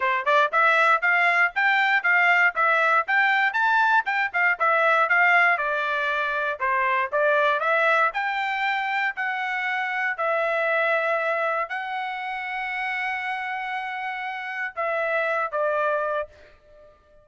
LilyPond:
\new Staff \with { instrumentName = "trumpet" } { \time 4/4 \tempo 4 = 118 c''8 d''8 e''4 f''4 g''4 | f''4 e''4 g''4 a''4 | g''8 f''8 e''4 f''4 d''4~ | d''4 c''4 d''4 e''4 |
g''2 fis''2 | e''2. fis''4~ | fis''1~ | fis''4 e''4. d''4. | }